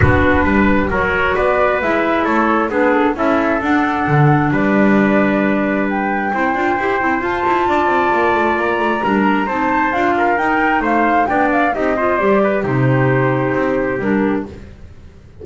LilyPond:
<<
  \new Staff \with { instrumentName = "flute" } { \time 4/4 \tempo 4 = 133 b'2 cis''4 d''4 | e''4 cis''4 b'8 a'8 e''4 | fis''2 d''2~ | d''4 g''2. |
a''2. ais''4~ | ais''4 a''4 f''4 g''4 | f''4 g''8 f''8 dis''4 d''4 | c''2. ais'4 | }
  \new Staff \with { instrumentName = "trumpet" } { \time 4/4 fis'4 b'4 ais'4 b'4~ | b'4 a'4 gis'4 a'4~ | a'2 b'2~ | b'2 c''2~ |
c''4 d''2. | ais'4 c''4. ais'4. | c''4 d''4 g'8 c''4 b'8 | g'1 | }
  \new Staff \with { instrumentName = "clarinet" } { \time 4/4 d'2 fis'2 | e'2 d'4 e'4 | d'1~ | d'2 e'8 f'8 g'8 e'8 |
f'1 | d'4 dis'4 f'4 dis'4~ | dis'4 d'4 dis'8 f'8 g'4 | dis'2. d'4 | }
  \new Staff \with { instrumentName = "double bass" } { \time 4/4 b4 g4 fis4 b4 | gis4 a4 b4 cis'4 | d'4 d4 g2~ | g2 c'8 d'8 e'8 c'8 |
f'8 e'8 d'8 c'8 ais8 a8 ais8 a8 | g4 c'4 d'4 dis'4 | a4 b4 c'4 g4 | c2 c'4 g4 | }
>>